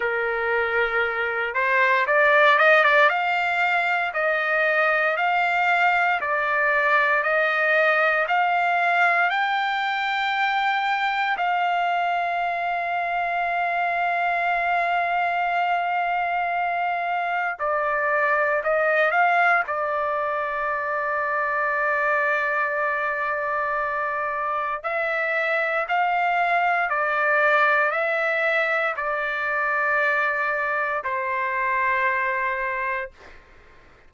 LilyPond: \new Staff \with { instrumentName = "trumpet" } { \time 4/4 \tempo 4 = 58 ais'4. c''8 d''8 dis''16 d''16 f''4 | dis''4 f''4 d''4 dis''4 | f''4 g''2 f''4~ | f''1~ |
f''4 d''4 dis''8 f''8 d''4~ | d''1 | e''4 f''4 d''4 e''4 | d''2 c''2 | }